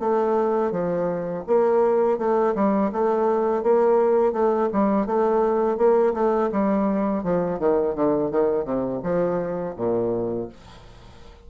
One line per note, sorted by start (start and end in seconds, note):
0.00 0.72 A3
0.72 1.44 F3
1.47 2.18 A#3
2.18 2.54 A3
2.55 2.91 G3
2.92 3.63 A3
3.63 4.33 A#3
4.33 4.69 A3
4.73 5.07 G3
5.07 5.78 A3
5.78 6.14 A#3
6.14 6.50 A3
6.52 7.24 G3
7.24 7.59 F3
7.59 7.95 D#3
7.95 8.31 D3
8.31 8.65 D#3
8.65 9.01 C3
9.03 9.76 F3
9.77 10.49 A#2